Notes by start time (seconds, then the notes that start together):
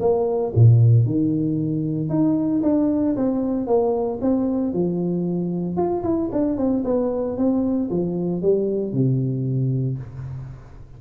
0.00 A#3
0.55 A#2
1.06 D#3
2.09 D#4
2.63 D4
3.16 C4
3.67 A#3
4.21 C4
4.73 F3
5.77 F4
6.03 E4
6.32 D4
6.57 C4
6.84 B3
7.37 C4
7.90 F3
8.42 G3
8.93 C3